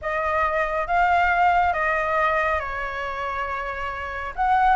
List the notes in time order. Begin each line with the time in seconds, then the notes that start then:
0.01 D#5
0.87 F5
1.73 D#5
2.59 C#5
4.35 F#5